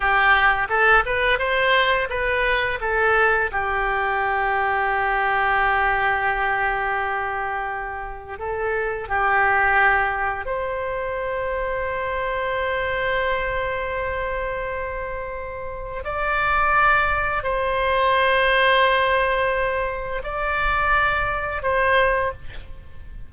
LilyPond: \new Staff \with { instrumentName = "oboe" } { \time 4/4 \tempo 4 = 86 g'4 a'8 b'8 c''4 b'4 | a'4 g'2.~ | g'1 | a'4 g'2 c''4~ |
c''1~ | c''2. d''4~ | d''4 c''2.~ | c''4 d''2 c''4 | }